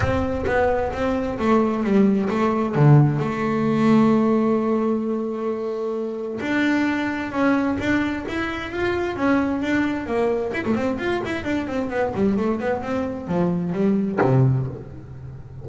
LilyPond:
\new Staff \with { instrumentName = "double bass" } { \time 4/4 \tempo 4 = 131 c'4 b4 c'4 a4 | g4 a4 d4 a4~ | a1~ | a2 d'2 |
cis'4 d'4 e'4 f'4 | cis'4 d'4 ais4 e'16 a16 c'8 | f'8 e'8 d'8 c'8 b8 g8 a8 b8 | c'4 f4 g4 c4 | }